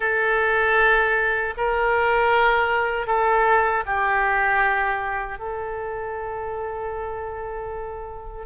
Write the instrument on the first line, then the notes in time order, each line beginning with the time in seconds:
oboe
0.00 A4
1.57 A#4
3.07 A4
3.85 G4
5.38 A4